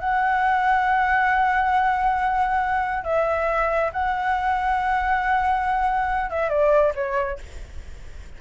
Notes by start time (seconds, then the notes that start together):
0.00 F#5
3.04 E5
3.93 F#5
6.30 E5
6.50 D5
6.95 C#5